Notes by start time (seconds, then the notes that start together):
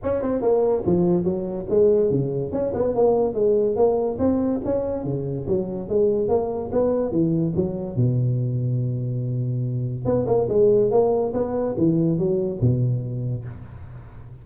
0.03 C#4
0.22 C4
0.41 A#3
0.85 F3
1.23 F#3
1.69 G#3
2.10 C#3
2.52 C#4
2.74 B3
2.94 A#3
3.34 G#3
3.76 A#3
4.18 C4
4.65 C#4
5.04 C#3
5.47 F#3
5.88 G#3
6.28 A#3
6.72 B3
7.11 E3
7.55 F#3
7.96 B2
10.05 B3
10.27 A#3
10.48 G#3
10.90 A#3
11.33 B3
11.77 E3
12.18 F#3
12.61 B2